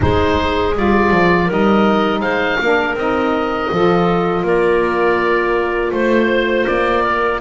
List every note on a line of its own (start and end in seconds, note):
0.00 0.75 G#3
0.00 0.72 D#4
0.00 1.45 G#4
0.00 0.75 C5
0.75 1.11 G3
0.75 1.48 F4
0.75 1.51 D5
1.11 1.48 F3
1.45 2.19 G3
1.45 2.59 D#4
1.45 2.19 A#4
1.52 2.21 D#5
2.19 2.56 G#3
2.19 2.58 C5
2.19 2.95 F5
2.60 2.94 A#3
2.60 2.98 D4
2.60 3.72 A#4
2.94 3.68 C4
2.94 3.71 D#4
2.94 4.46 D#5
3.71 4.42 F3
3.71 7.41 F4
3.71 4.43 A4
4.42 5.91 A#3
4.42 5.91 A#4
4.42 5.92 D5
5.91 6.65 A3
5.91 7.02 C5
5.91 6.66 C5
6.66 7.41 A#3
6.66 7.40 D5
7.02 7.39 A#4